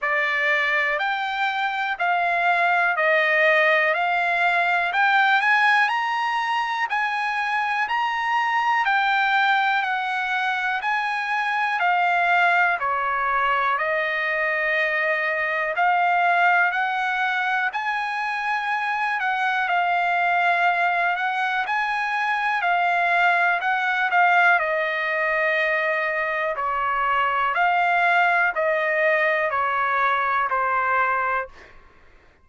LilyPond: \new Staff \with { instrumentName = "trumpet" } { \time 4/4 \tempo 4 = 61 d''4 g''4 f''4 dis''4 | f''4 g''8 gis''8 ais''4 gis''4 | ais''4 g''4 fis''4 gis''4 | f''4 cis''4 dis''2 |
f''4 fis''4 gis''4. fis''8 | f''4. fis''8 gis''4 f''4 | fis''8 f''8 dis''2 cis''4 | f''4 dis''4 cis''4 c''4 | }